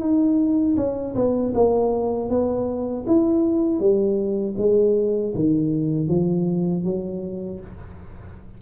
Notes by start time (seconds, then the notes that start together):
0.00 D#4
0.77 C#4
1.16 B3
1.54 A#3
2.30 B3
3.07 E4
3.80 G3
4.58 G#3
5.35 D#3
6.09 F3
6.84 F#3